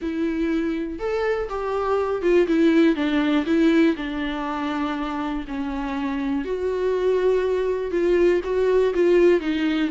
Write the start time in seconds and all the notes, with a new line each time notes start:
0.01 E4
0.99 A4
1.49 G4
2.22 F4
2.47 E4
2.95 D4
3.46 E4
3.96 D4
5.47 C#4
6.44 F#4
7.91 F4
8.44 F#4
8.94 F4
9.40 D#4